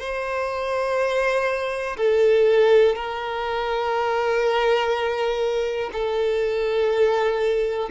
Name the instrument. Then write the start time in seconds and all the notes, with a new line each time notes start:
violin
0.00 C5
1.97 A4
2.96 A#4
5.93 A4